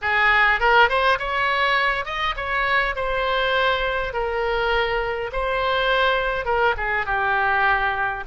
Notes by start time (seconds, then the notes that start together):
0.01 G#4
0.59 A#4
0.89 C5
1.18 C#5
2.05 D#5
2.36 C#5
2.95 C5
4.13 A#4
5.32 C5
6.45 A#4
6.77 G#4
7.06 G4